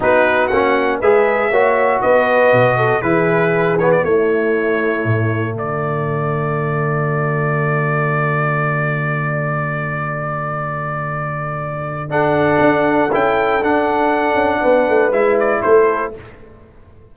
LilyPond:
<<
  \new Staff \with { instrumentName = "trumpet" } { \time 4/4 \tempo 4 = 119 b'4 fis''4 e''2 | dis''2 b'4. cis''16 d''16 | cis''2. d''4~ | d''1~ |
d''1~ | d''1 | fis''2 g''4 fis''4~ | fis''2 e''8 d''8 c''4 | }
  \new Staff \with { instrumentName = "horn" } { \time 4/4 fis'2 b'4 cis''4 | b'4. a'8 gis'2 | e'2. fis'4~ | fis'1~ |
fis'1~ | fis'1 | a'1~ | a'4 b'2 a'4 | }
  \new Staff \with { instrumentName = "trombone" } { \time 4/4 dis'4 cis'4 gis'4 fis'4~ | fis'2 e'4. b8 | a1~ | a1~ |
a1~ | a1 | d'2 e'4 d'4~ | d'2 e'2 | }
  \new Staff \with { instrumentName = "tuba" } { \time 4/4 b4 ais4 gis4 ais4 | b4 b,4 e2 | a2 a,4 d4~ | d1~ |
d1~ | d1~ | d4 d'4 cis'4 d'4~ | d'8 cis'8 b8 a8 gis4 a4 | }
>>